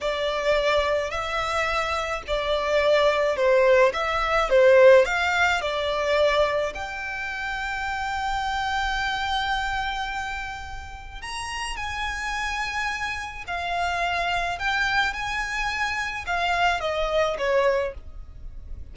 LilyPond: \new Staff \with { instrumentName = "violin" } { \time 4/4 \tempo 4 = 107 d''2 e''2 | d''2 c''4 e''4 | c''4 f''4 d''2 | g''1~ |
g''1 | ais''4 gis''2. | f''2 g''4 gis''4~ | gis''4 f''4 dis''4 cis''4 | }